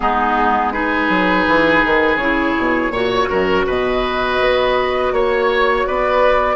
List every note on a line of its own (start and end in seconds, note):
0.00 1.09 G#3
0.00 0.72 B3
0.00 0.73 D#4
0.00 0.72 G#4
0.72 2.19 D#4
0.72 2.92 G#4
0.72 2.17 B4
1.09 1.45 F#3
1.47 1.84 E3
1.84 2.16 D#3
2.16 2.53 C#3
2.16 2.93 E4
2.16 3.63 C#5
2.58 2.90 B2
2.90 3.27 A#2
2.90 6.55 F#4
2.90 3.29 C#5
3.29 3.66 F#2
3.29 3.65 A#4
3.66 4.40 B2
3.66 5.12 B4
3.66 5.13 D#5
4.40 5.12 B3
5.12 5.85 A#3
5.12 5.86 C#5
5.86 6.55 B3
5.86 6.55 B4
5.86 6.55 D5